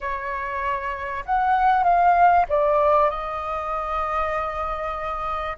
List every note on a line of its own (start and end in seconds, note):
0.00 1.24 C#5
1.25 1.83 F#5
1.83 2.45 F5
2.48 3.09 D5
3.09 5.57 D#5